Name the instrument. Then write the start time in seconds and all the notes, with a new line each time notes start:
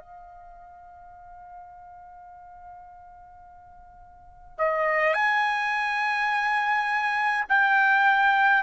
trumpet
0.00 F5
4.58 D#5
5.14 G#5
7.49 G5